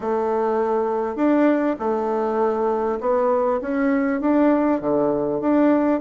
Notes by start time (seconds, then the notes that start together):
0.00 A3
1.16 D4
1.79 A3
3.00 B3
3.61 C#4
4.20 D4
4.80 D3
5.41 D4